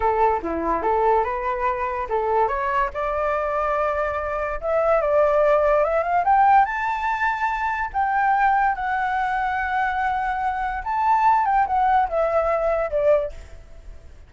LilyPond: \new Staff \with { instrumentName = "flute" } { \time 4/4 \tempo 4 = 144 a'4 e'4 a'4 b'4~ | b'4 a'4 cis''4 d''4~ | d''2. e''4 | d''2 e''8 f''8 g''4 |
a''2. g''4~ | g''4 fis''2.~ | fis''2 a''4. g''8 | fis''4 e''2 d''4 | }